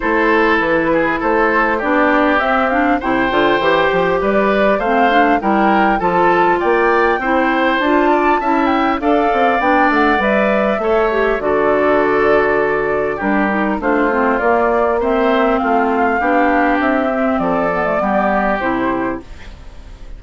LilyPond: <<
  \new Staff \with { instrumentName = "flute" } { \time 4/4 \tempo 4 = 100 c''4 b'4 c''4 d''4 | e''8 f''8 g''2 d''4 | f''4 g''4 a''4 g''4~ | g''4 a''4. g''8 f''4 |
g''8 fis''8 e''2 d''4~ | d''2 ais'4 c''4 | d''4 e''4 f''2 | e''4 d''2 c''4 | }
  \new Staff \with { instrumentName = "oboe" } { \time 4/4 a'4. gis'8 a'4 g'4~ | g'4 c''2 b'4 | c''4 ais'4 a'4 d''4 | c''4. d''8 e''4 d''4~ |
d''2 cis''4 a'4~ | a'2 g'4 f'4~ | f'4 c''4 f'4 g'4~ | g'4 a'4 g'2 | }
  \new Staff \with { instrumentName = "clarinet" } { \time 4/4 e'2. d'4 | c'8 d'8 e'8 f'8 g'2 | c'8 d'8 e'4 f'2 | e'4 f'4 e'4 a'4 |
d'4 b'4 a'8 g'8 fis'4~ | fis'2 d'8 dis'8 d'8 c'8 | ais4 c'2 d'4~ | d'8 c'4 b16 a16 b4 e'4 | }
  \new Staff \with { instrumentName = "bassoon" } { \time 4/4 a4 e4 a4 b4 | c'4 c8 d8 e8 f8 g4 | a4 g4 f4 ais4 | c'4 d'4 cis'4 d'8 c'8 |
b8 a8 g4 a4 d4~ | d2 g4 a4 | ais2 a4 b4 | c'4 f4 g4 c4 | }
>>